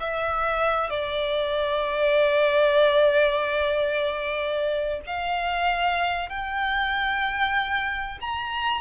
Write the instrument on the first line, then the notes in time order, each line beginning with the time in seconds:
violin
0.00 E5
0.90 D5
5.06 F5
6.29 G5
8.21 A#5